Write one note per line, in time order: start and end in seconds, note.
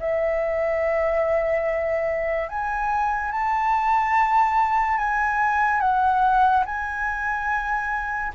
0.00 2.49 E5
2.49 3.32 G#5
3.32 4.98 A5
4.98 5.81 G#5
5.81 6.64 F#5
6.66 8.33 G#5